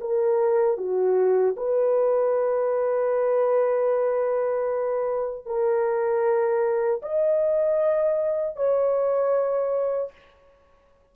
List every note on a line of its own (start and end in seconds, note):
0.00 0.77 A#4
0.77 1.55 F#4
1.56 5.45 B4
5.45 7.01 A#4
7.02 8.56 D#5
8.56 10.12 C#5